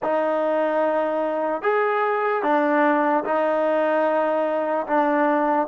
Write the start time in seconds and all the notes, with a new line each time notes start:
0.03 D#4
1.61 G#4
2.43 D4
3.24 D#4
4.86 D4